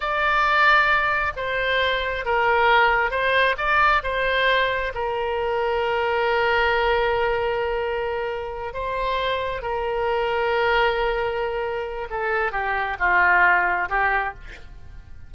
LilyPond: \new Staff \with { instrumentName = "oboe" } { \time 4/4 \tempo 4 = 134 d''2. c''4~ | c''4 ais'2 c''4 | d''4 c''2 ais'4~ | ais'1~ |
ais'2.~ ais'8 c''8~ | c''4. ais'2~ ais'8~ | ais'2. a'4 | g'4 f'2 g'4 | }